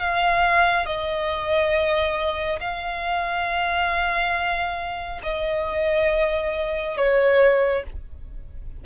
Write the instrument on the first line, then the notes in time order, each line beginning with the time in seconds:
violin
0.00 F5
0.86 D#5
2.60 F5
5.23 D#5
6.97 C#5